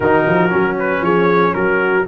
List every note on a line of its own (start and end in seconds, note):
0.00 0.26 D#3
0.00 0.49 D#4
0.00 1.02 F#4
0.00 0.77 A#4
0.27 0.53 F3
0.49 1.01 F#3
0.49 2.04 C#4
0.79 1.04 B4
1.01 1.53 F3
1.01 1.54 G#4
1.01 1.54 C#5
1.54 2.07 F#3
1.54 2.07 F#4
1.54 2.05 A#4